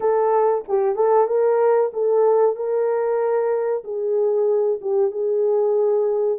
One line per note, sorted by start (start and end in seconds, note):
0.00 0.64 A4
0.67 0.95 G4
0.95 1.27 A4
1.27 1.91 A#4
1.93 2.56 A4
2.56 3.83 A#4
3.84 4.79 G#4
4.81 5.11 G4
5.11 6.38 G#4